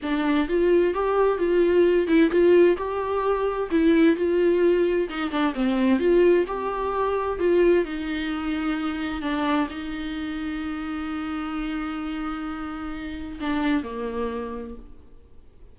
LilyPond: \new Staff \with { instrumentName = "viola" } { \time 4/4 \tempo 4 = 130 d'4 f'4 g'4 f'4~ | f'8 e'8 f'4 g'2 | e'4 f'2 dis'8 d'8 | c'4 f'4 g'2 |
f'4 dis'2. | d'4 dis'2.~ | dis'1~ | dis'4 d'4 ais2 | }